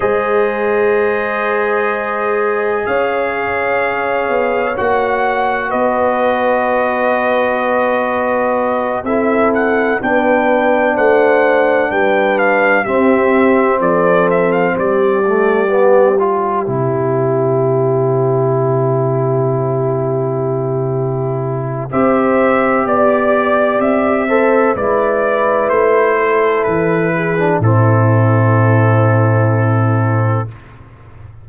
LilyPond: <<
  \new Staff \with { instrumentName = "trumpet" } { \time 4/4 \tempo 4 = 63 dis''2. f''4~ | f''4 fis''4 dis''2~ | dis''4. e''8 fis''8 g''4 fis''8~ | fis''8 g''8 f''8 e''4 d''8 e''16 f''16 d''8~ |
d''4 c''2.~ | c''2. e''4 | d''4 e''4 d''4 c''4 | b'4 a'2. | }
  \new Staff \with { instrumentName = "horn" } { \time 4/4 c''2. cis''4~ | cis''2 b'2~ | b'4. a'4 b'4 c''8~ | c''8 b'4 g'4 a'4 g'8~ |
g'1~ | g'2. c''4 | d''4. c''8 b'4. a'8~ | a'8 gis'8 e'2. | }
  \new Staff \with { instrumentName = "trombone" } { \time 4/4 gis'1~ | gis'4 fis'2.~ | fis'4. e'4 d'4.~ | d'4. c'2~ c'8 |
a8 b8 f'8 e'2~ e'8~ | e'2. g'4~ | g'4. a'8 e'2~ | e'8. d'16 c'2. | }
  \new Staff \with { instrumentName = "tuba" } { \time 4/4 gis2. cis'4~ | cis'8 b8 ais4 b2~ | b4. c'4 b4 a8~ | a8 g4 c'4 f4 g8~ |
g4. c2~ c8~ | c2. c'4 | b4 c'4 gis4 a4 | e4 a,2. | }
>>